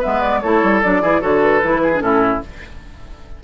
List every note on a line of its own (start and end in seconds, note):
0.00 0.43 B3
0.00 0.40 B4
0.00 0.21 E5
0.07 0.43 G#3
0.21 0.41 D5
0.41 0.63 A3
0.41 0.83 E4
0.41 1.02 A4
0.41 0.81 C#5
0.63 0.83 G3
0.82 1.02 F#3
0.82 1.01 D4
0.82 1.22 D5
1.01 1.22 E3
1.01 1.21 E4
1.01 1.21 G#4
1.21 1.63 D3
1.21 1.61 F#4
1.21 1.81 A4
1.21 1.42 C#5
1.42 2.00 B4
1.63 2.02 E3
1.63 1.93 E4
1.83 2.03 G#4
1.94 2.01 D4
1.94 2.40 A4
2.01 2.42 A2
2.01 2.41 C#4
2.01 2.44 E4